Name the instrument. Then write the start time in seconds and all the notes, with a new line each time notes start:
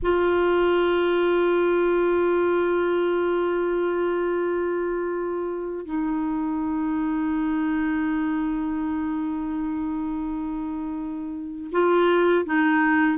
clarinet
0.02 F4
5.85 D#4
11.71 F4
12.45 D#4